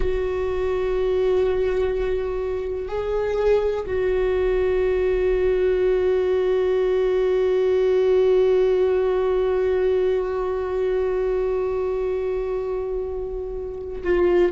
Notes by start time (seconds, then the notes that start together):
0.00 F#4
2.88 G#4
3.86 F#4
14.03 F4